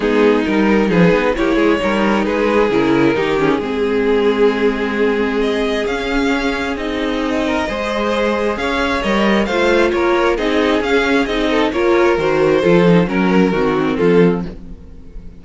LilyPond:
<<
  \new Staff \with { instrumentName = "violin" } { \time 4/4 \tempo 4 = 133 gis'4 ais'4 b'4 cis''4~ | cis''4 b'4 ais'4. gis'8~ | gis'1 | dis''4 f''2 dis''4~ |
dis''2. f''4 | dis''4 f''4 cis''4 dis''4 | f''4 dis''4 cis''4 c''4~ | c''4 ais'2 a'4 | }
  \new Staff \with { instrumentName = "violin" } { \time 4/4 dis'2 gis'4 g'8 gis'8 | ais'4 gis'2 g'4 | gis'1~ | gis'1~ |
gis'8 ais'8 c''2 cis''4~ | cis''4 c''4 ais'4 gis'4~ | gis'4. a'8 ais'2 | a'4 ais'4 fis'4 f'4 | }
  \new Staff \with { instrumentName = "viola" } { \time 4/4 b4 dis'2 e'4 | dis'2 e'4 dis'8 cis'8 | c'1~ | c'4 cis'2 dis'4~ |
dis'4 gis'2. | ais'4 f'2 dis'4 | cis'4 dis'4 f'4 fis'4 | f'8 dis'8 cis'4 c'2 | }
  \new Staff \with { instrumentName = "cello" } { \time 4/4 gis4 g4 f8 b8 ais8 gis8 | g4 gis4 cis4 dis4 | gis1~ | gis4 cis'2 c'4~ |
c'4 gis2 cis'4 | g4 a4 ais4 c'4 | cis'4 c'4 ais4 dis4 | f4 fis4 dis4 f4 | }
>>